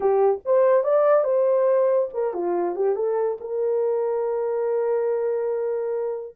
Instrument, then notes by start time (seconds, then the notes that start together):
horn
0.00 G4
0.45 C5
0.83 D5
1.24 C5
2.13 A#4
2.33 F4
2.75 G4
2.95 A4
3.40 A#4